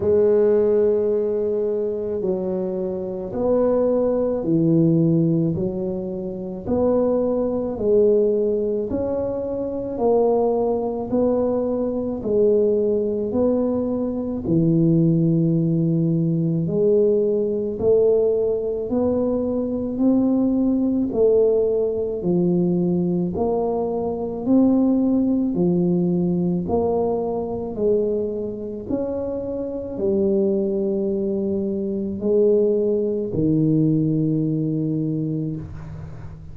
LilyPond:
\new Staff \with { instrumentName = "tuba" } { \time 4/4 \tempo 4 = 54 gis2 fis4 b4 | e4 fis4 b4 gis4 | cis'4 ais4 b4 gis4 | b4 e2 gis4 |
a4 b4 c'4 a4 | f4 ais4 c'4 f4 | ais4 gis4 cis'4 g4~ | g4 gis4 dis2 | }